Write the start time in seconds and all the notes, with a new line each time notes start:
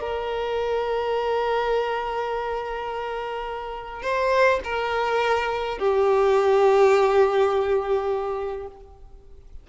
0.00 A#4
4.03 C5
4.64 A#4
5.79 G4